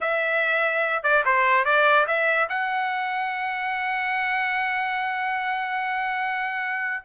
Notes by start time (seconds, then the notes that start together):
0.01 E5
1.03 D5
1.25 C5
1.65 D5
2.07 E5
2.49 F#5